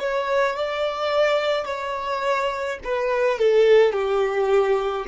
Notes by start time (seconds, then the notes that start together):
0.00 C#5
0.56 D5
1.66 C#5
2.85 B4
3.39 A4
3.93 G4